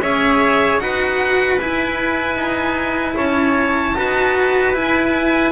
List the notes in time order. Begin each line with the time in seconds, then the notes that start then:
0.00 C#4 G#4 C#5 E5
0.79 D#4 F#4 B4 F#5
1.60 E4 G#5
2.36 D#4
3.16 C#4 C#5 A5
3.96 D#4 F#4 B4
4.74 E4 G#5